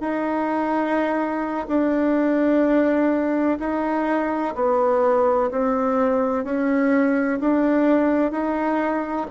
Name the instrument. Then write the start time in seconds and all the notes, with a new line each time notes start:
bassoon
0.00 D#4
1.68 D4
3.59 D#4
4.55 B3
5.51 C4
6.44 C#4
7.40 D4
8.31 D#4